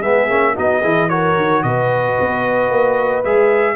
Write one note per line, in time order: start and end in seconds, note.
0.00 0.30 G#3
0.00 0.29 B3
0.00 0.54 G#4
0.00 0.56 E5
0.30 0.57 A#3
0.30 0.56 C#4
0.56 0.84 B3
0.56 0.82 D#4
0.56 0.82 F#4
0.56 1.10 D#5
0.82 1.37 E3
0.82 1.10 E4
0.82 1.08 G#4
1.10 3.24 F#4
1.10 1.64 A#4
1.10 1.63 C#5
1.37 1.64 D#3
1.63 2.17 B2
1.63 3.76 B4
1.63 3.24 D#5
2.20 2.71 B3
2.71 3.24 A#3
3.25 3.76 G#3
3.25 3.76 G#4
3.25 3.76 E5